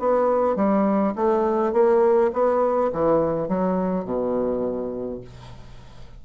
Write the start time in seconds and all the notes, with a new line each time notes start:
0.00 B3
0.56 G3
1.16 A3
1.73 A#3
2.33 B3
2.93 E3
3.49 F#3
4.05 B2